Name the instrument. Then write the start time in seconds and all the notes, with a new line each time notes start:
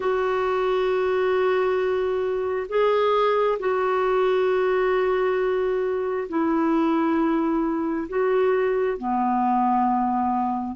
clarinet
0.00 F#4
2.68 G#4
3.59 F#4
6.28 E4
8.08 F#4
8.97 B3